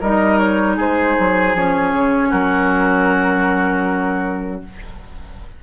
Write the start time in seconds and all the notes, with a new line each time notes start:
0.00 G3 D#4 A#4 D#5
0.38 C#5
0.76 G#3 G#4 C5
1.19 F#3
1.54 F3 C#4 C#5
1.92 C#3
2.29 F#3 F#4 A#4